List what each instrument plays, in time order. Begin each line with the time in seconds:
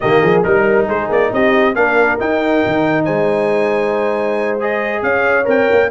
0.00 tuba D#3, trombone A#3, horn G4, trumpet D#5
0.22 tuba F3, horn G#4
0.43 tuba G3, trombone D#4, horn A#4, trumpet A#4
0.85 tuba G#3, horn G#4, trumpet C5
1.09 tuba A#3, trumpet D5
1.32 tuba C4, horn G4, trumpet D#5
1.75 tuba A#3, trombone D4, horn A#4, trumpet F5
2.19 trombone D#4, tuba D#4, trumpet G5
2.66 tuba D#3
3.04 tuba G#3, horn C5, trumpet G#5
4.59 trombone G#4, trumpet D#5
5.02 tuba C#4, horn C#5, trumpet F5
5.44 tuba C4, trombone A#4, trumpet G5
5.71 tuba A#3